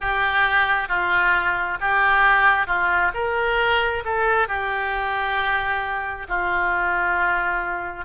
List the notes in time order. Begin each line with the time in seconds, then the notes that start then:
0.00 G4
0.88 F4
1.80 G4
2.66 F4
3.13 A#4
4.05 A4
4.48 G4
6.28 F4